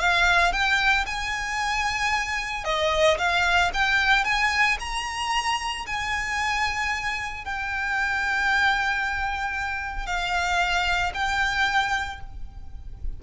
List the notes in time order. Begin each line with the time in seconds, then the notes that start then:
0.00 F5
0.52 G5
1.06 G#5
2.65 D#5
3.18 F5
3.74 G5
4.25 G#5
4.80 A#5
5.87 G#5
7.45 G5
10.07 F5
11.14 G5